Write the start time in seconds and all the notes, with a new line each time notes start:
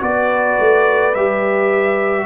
0.00 B3 F#4 B4 D5
0.59 A3
1.15 G3 G4 E5